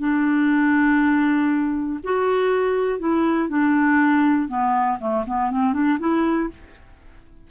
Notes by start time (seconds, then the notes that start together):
0.00 D4
2.04 F#4
3.00 E4
3.49 D4
4.48 B3
5.00 A3
5.27 B3
5.51 C4
5.73 D4
5.99 E4